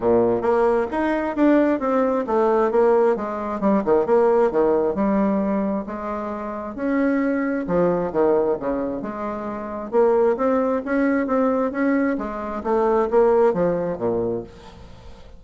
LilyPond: \new Staff \with { instrumentName = "bassoon" } { \time 4/4 \tempo 4 = 133 ais,4 ais4 dis'4 d'4 | c'4 a4 ais4 gis4 | g8 dis8 ais4 dis4 g4~ | g4 gis2 cis'4~ |
cis'4 f4 dis4 cis4 | gis2 ais4 c'4 | cis'4 c'4 cis'4 gis4 | a4 ais4 f4 ais,4 | }